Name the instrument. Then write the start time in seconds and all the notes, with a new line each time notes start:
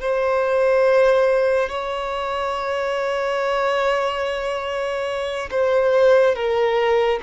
violin
0.00 C5
1.69 C#5
5.50 C5
6.35 A#4